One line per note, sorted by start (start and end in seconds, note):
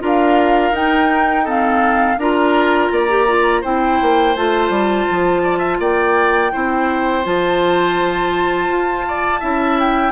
0.00 0.71 D4
0.00 0.72 F4
0.00 1.44 A#4
0.06 0.75 F5
0.71 2.16 D#4
0.71 1.46 D#4
0.71 1.47 G5
1.44 2.19 C4
1.44 2.16 A4
1.44 2.19 F5
2.18 2.90 D4
2.18 3.08 F4
2.18 2.91 A#4
2.18 3.63 A#5
2.91 3.63 A#3
2.91 3.61 D5
3.08 3.26 G4
3.27 3.63 F4
3.61 4.00 C4
3.61 4.36 E4
3.61 5.42 C5
3.61 4.36 G5
4.01 4.35 A#3
4.35 4.69 A3
4.35 6.51 F4
4.35 5.80 A5
4.69 5.05 G3
5.10 5.79 F3
5.43 5.58 D5
5.58 5.76 E5
5.79 6.51 A#3
5.79 6.52 D5
5.79 7.25 G5
6.51 7.25 C4
6.51 7.24 E4
6.51 9.05 C5
7.24 8.68 F3
7.24 9.41 F4
7.24 9.78 A5
8.68 9.40 F4
9.07 9.40 D5
9.40 10.12 C#4
9.40 10.12 E4
9.40 10.12 E5
9.79 10.12 G5